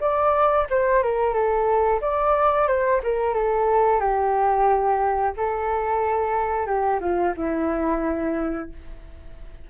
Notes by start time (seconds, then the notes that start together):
0.00 D5
0.70 C5
1.03 A#4
1.34 A4
2.01 D5
2.67 C5
3.03 A#4
3.34 A4
4.00 G4
5.37 A4
6.66 G4
7.00 F4
7.36 E4